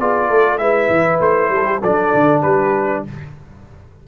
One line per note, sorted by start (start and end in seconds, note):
0.00 0.30 B3
0.00 0.59 F4
0.00 0.29 G#4
0.00 0.58 D5
0.29 0.59 A3
0.29 0.60 A4
0.58 0.89 G#3
0.58 1.82 E4
0.58 1.53 B4
0.58 1.19 E5
0.90 1.20 E3
1.21 1.50 A3
1.21 1.83 C5
1.50 1.80 G3
1.50 1.65 A4
1.65 1.81 G4
1.82 2.13 F#3
1.82 3.08 D4
1.82 2.42 A4
1.82 2.43 D5
2.15 2.43 D3
2.42 3.05 G3
2.42 3.03 G4
2.42 3.04 B4